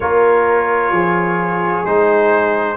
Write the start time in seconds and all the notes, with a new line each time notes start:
0.00 A#3 F4 A#4 C#5
0.91 F3 G#4
1.84 G#3 D#4 C5